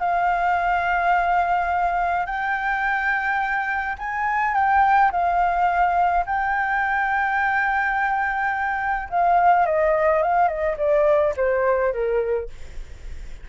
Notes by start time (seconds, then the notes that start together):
0.00 F5
2.26 G5
3.99 G#5
4.55 G5
5.12 F5
6.26 G5
9.10 F5
9.66 D#5
10.23 F5
10.48 D#5
10.78 D5
11.37 C5
11.93 A#4